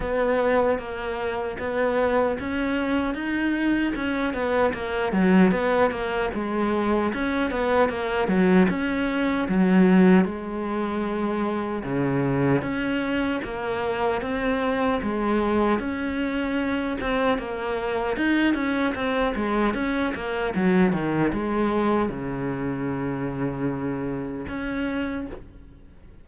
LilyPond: \new Staff \with { instrumentName = "cello" } { \time 4/4 \tempo 4 = 76 b4 ais4 b4 cis'4 | dis'4 cis'8 b8 ais8 fis8 b8 ais8 | gis4 cis'8 b8 ais8 fis8 cis'4 | fis4 gis2 cis4 |
cis'4 ais4 c'4 gis4 | cis'4. c'8 ais4 dis'8 cis'8 | c'8 gis8 cis'8 ais8 fis8 dis8 gis4 | cis2. cis'4 | }